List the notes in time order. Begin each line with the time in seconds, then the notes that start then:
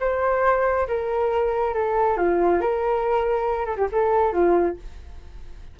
0.00 C5
0.88 A#4
1.74 A4
2.17 F4
2.61 A#4
3.66 A4
3.77 G4
3.92 A4
4.33 F4